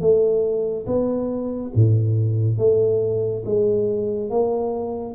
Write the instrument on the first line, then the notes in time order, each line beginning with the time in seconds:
tuba
0.00 A3
0.86 B3
1.75 A2
2.58 A3
3.45 G#3
4.30 A#3